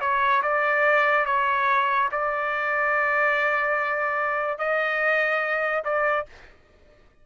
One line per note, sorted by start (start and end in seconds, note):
0.00 0.42 C#5
0.42 1.25 D5
1.25 2.09 C#5
2.11 4.58 D5
4.58 5.83 D#5
5.84 6.26 D5